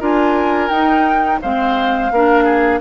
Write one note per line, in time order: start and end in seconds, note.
0.00 0.70 D4
0.00 0.70 F4
0.00 1.40 A#4
0.00 0.70 G#5
0.70 1.40 D#4
0.70 1.42 D#4
0.70 1.40 G5
1.42 2.11 G#3
1.42 2.12 C4
1.42 2.12 C5
1.42 2.81 F5
2.11 2.81 A#3
2.11 2.81 D4
2.11 2.45 A#4
2.45 2.80 G#4